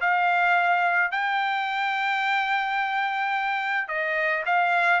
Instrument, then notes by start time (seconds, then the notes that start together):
trumpet
0.00 F5
1.11 G5
3.88 D#5
4.45 F5